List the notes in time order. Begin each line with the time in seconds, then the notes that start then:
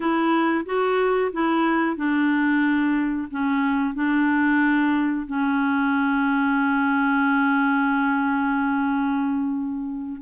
0.00 E4
0.65 F#4
1.32 E4
1.96 D4
3.31 C#4
3.94 D4
5.26 C#4